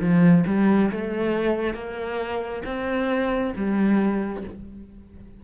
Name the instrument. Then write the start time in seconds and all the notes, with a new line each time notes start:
cello
0.00 F3
0.46 G3
0.91 A3
1.74 A#3
2.65 C4
3.56 G3